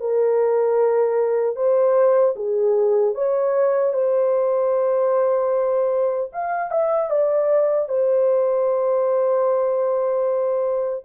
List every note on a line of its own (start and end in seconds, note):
0.00 1.56 A#4
1.56 2.35 C5
2.36 3.15 G#4
3.15 3.94 C#5
3.94 6.31 C5
6.33 6.71 F5
6.71 7.11 E5
7.11 7.89 D5
7.89 11.05 C5